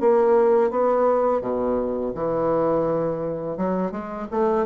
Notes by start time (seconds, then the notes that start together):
0.00 A#3
0.70 B3
1.41 B2
2.14 E3
3.56 F#3
3.91 G#3
4.31 A3